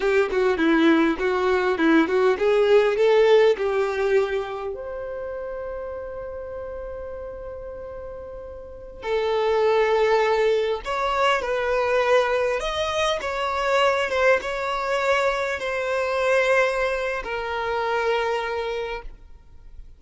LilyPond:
\new Staff \with { instrumentName = "violin" } { \time 4/4 \tempo 4 = 101 g'8 fis'8 e'4 fis'4 e'8 fis'8 | gis'4 a'4 g'2 | c''1~ | c''2.~ c''16 a'8.~ |
a'2~ a'16 cis''4 b'8.~ | b'4~ b'16 dis''4 cis''4. c''16~ | c''16 cis''2 c''4.~ c''16~ | c''4 ais'2. | }